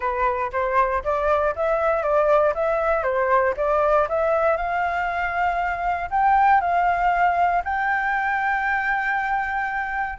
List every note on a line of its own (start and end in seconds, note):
0.00 0.51 B4
0.52 1.03 C5
1.04 1.55 D5
1.55 2.02 E5
2.02 2.53 D5
2.54 3.03 E5
3.03 3.54 C5
3.57 4.07 D5
4.09 4.56 E5
4.56 6.09 F5
6.10 6.60 G5
6.60 7.62 F5
7.64 10.18 G5